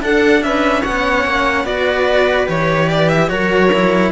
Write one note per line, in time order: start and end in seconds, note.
0.00 0.82 D4
0.00 0.42 D4
0.00 0.44 A4
0.00 0.43 F#5
0.42 0.83 C#4
0.42 0.81 B4
0.42 0.83 E5
0.81 1.65 C#4
0.81 1.64 C#5
0.81 1.65 F#5
0.87 1.24 B3
1.24 1.65 A#3
1.64 2.47 B3
1.64 2.47 F#4
1.64 3.28 B4
1.64 2.48 D5
2.47 3.30 E3
2.47 3.29 G4
2.47 2.89 C#5
2.89 3.09 D5
3.09 3.29 E5
3.29 4.12 F#3
3.29 3.70 F#4
3.29 4.12 A#4
3.29 4.11 C#5
3.73 4.12 E4